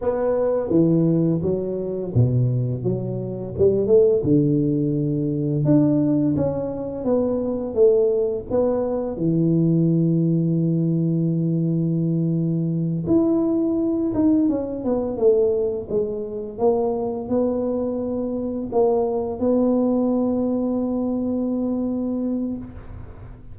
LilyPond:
\new Staff \with { instrumentName = "tuba" } { \time 4/4 \tempo 4 = 85 b4 e4 fis4 b,4 | fis4 g8 a8 d2 | d'4 cis'4 b4 a4 | b4 e2.~ |
e2~ e8 e'4. | dis'8 cis'8 b8 a4 gis4 ais8~ | ais8 b2 ais4 b8~ | b1 | }